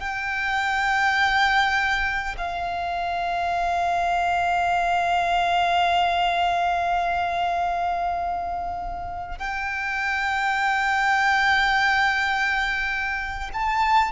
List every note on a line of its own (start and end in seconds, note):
0.00 2.35 G5
2.37 9.38 F5
9.38 13.50 G5
13.53 14.12 A5